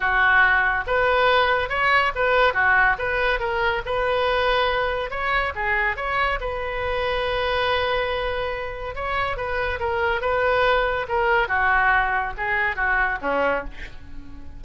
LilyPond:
\new Staff \with { instrumentName = "oboe" } { \time 4/4 \tempo 4 = 141 fis'2 b'2 | cis''4 b'4 fis'4 b'4 | ais'4 b'2. | cis''4 gis'4 cis''4 b'4~ |
b'1~ | b'4 cis''4 b'4 ais'4 | b'2 ais'4 fis'4~ | fis'4 gis'4 fis'4 cis'4 | }